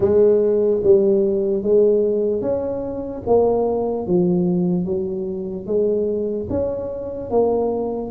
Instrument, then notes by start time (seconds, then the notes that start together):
tuba
0.00 G#3
0.83 G3
1.63 G#3
2.41 C#4
3.26 A#3
4.07 F3
4.85 F#3
5.66 G#3
6.49 C#4
7.30 A#3